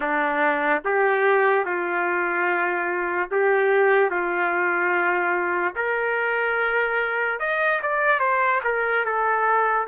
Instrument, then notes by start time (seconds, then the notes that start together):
trumpet
0.00 D4
0.84 G4
1.65 F4
3.31 G4
4.10 F4
5.75 A#4
7.39 D#5
7.82 D5
8.19 C5
8.63 A#4
9.05 A4